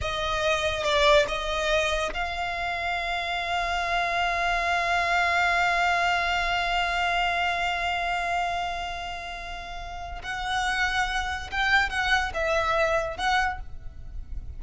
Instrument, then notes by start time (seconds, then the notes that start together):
violin
0.01 D#5
0.83 D5
1.28 D#5
2.13 F5
10.22 F#5
11.51 G5
11.89 F#5
12.33 E5
13.17 F#5